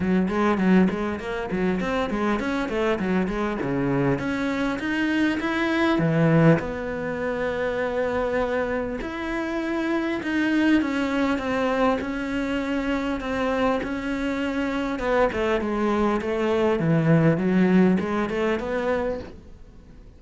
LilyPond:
\new Staff \with { instrumentName = "cello" } { \time 4/4 \tempo 4 = 100 fis8 gis8 fis8 gis8 ais8 fis8 c'8 gis8 | cis'8 a8 fis8 gis8 cis4 cis'4 | dis'4 e'4 e4 b4~ | b2. e'4~ |
e'4 dis'4 cis'4 c'4 | cis'2 c'4 cis'4~ | cis'4 b8 a8 gis4 a4 | e4 fis4 gis8 a8 b4 | }